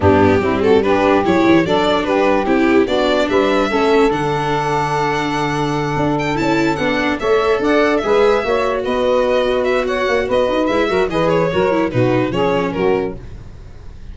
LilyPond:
<<
  \new Staff \with { instrumentName = "violin" } { \time 4/4 \tempo 4 = 146 g'4. a'8 b'4 cis''4 | d''4 b'4 g'4 d''4 | e''2 fis''2~ | fis''2. g''8 a''8~ |
a''8 fis''4 e''4 fis''4 e''8~ | e''4. dis''2 e''8 | fis''4 dis''4 e''4 dis''8 cis''8~ | cis''4 b'4 cis''4 ais'4 | }
  \new Staff \with { instrumentName = "saxophone" } { \time 4/4 d'4 e'8 fis'8 g'2 | a'4 g'2 fis'4 | b'4 a'2.~ | a'1~ |
a'4. cis''4 d''4 b'8~ | b'8 cis''4 b'2~ b'8 | cis''4 b'4. ais'8 b'4 | ais'4 fis'4 gis'4 fis'4 | }
  \new Staff \with { instrumentName = "viola" } { \time 4/4 b4 c'4 d'4 e'4 | d'2 e'4 d'4~ | d'4 cis'4 d'2~ | d'2.~ d'8 e'8~ |
e'8 d'4 a'2 gis'8~ | gis'8 fis'2.~ fis'8~ | fis'2 e'8 fis'8 gis'4 | fis'8 e'8 dis'4 cis'2 | }
  \new Staff \with { instrumentName = "tuba" } { \time 4/4 g,4 g2 fis8 e8 | fis4 g4 c'4 b4 | g4 a4 d2~ | d2~ d8 d'4 cis'8~ |
cis'8 b4 a4 d'4 gis8~ | gis8 ais4 b2~ b8~ | b8 ais8 b8 dis'8 gis8 fis8 e4 | fis4 b,4 f4 fis4 | }
>>